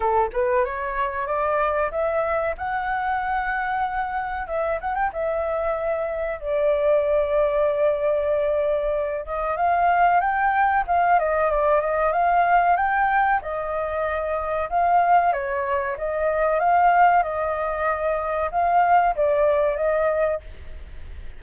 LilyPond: \new Staff \with { instrumentName = "flute" } { \time 4/4 \tempo 4 = 94 a'8 b'8 cis''4 d''4 e''4 | fis''2. e''8 fis''16 g''16 | e''2 d''2~ | d''2~ d''8 dis''8 f''4 |
g''4 f''8 dis''8 d''8 dis''8 f''4 | g''4 dis''2 f''4 | cis''4 dis''4 f''4 dis''4~ | dis''4 f''4 d''4 dis''4 | }